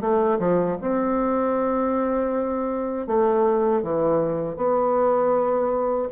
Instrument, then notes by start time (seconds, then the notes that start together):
bassoon
0.00 A3
0.39 F3
0.80 C4
3.07 A3
3.82 E3
4.56 B3